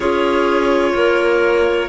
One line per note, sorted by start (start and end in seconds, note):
0.00 0.93 C#4
0.00 1.89 F4
0.00 0.92 G#4
0.00 1.89 C#5
0.94 1.89 A#3
0.94 1.89 A#4